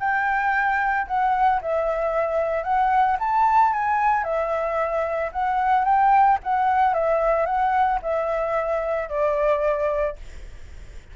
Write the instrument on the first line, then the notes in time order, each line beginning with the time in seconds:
flute
0.00 G5
1.08 F#5
1.62 E5
2.64 F#5
3.20 A5
3.73 G#5
4.24 E5
5.33 F#5
5.85 G5
6.44 F#5
6.94 E5
7.46 F#5
8.03 E5
9.09 D5